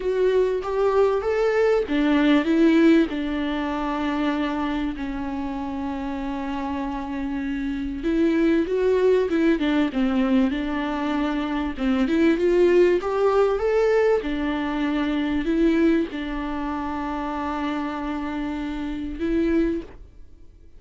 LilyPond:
\new Staff \with { instrumentName = "viola" } { \time 4/4 \tempo 4 = 97 fis'4 g'4 a'4 d'4 | e'4 d'2. | cis'1~ | cis'4 e'4 fis'4 e'8 d'8 |
c'4 d'2 c'8 e'8 | f'4 g'4 a'4 d'4~ | d'4 e'4 d'2~ | d'2. e'4 | }